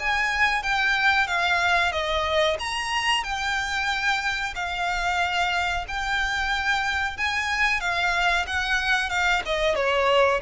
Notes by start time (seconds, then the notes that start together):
0.00 G#5
0.63 G5
1.28 F5
1.92 D#5
2.60 A#5
3.24 G5
4.56 F5
5.88 G5
7.18 G#5
7.81 F5
8.47 F#5
9.10 F5
9.46 D#5
9.76 C#5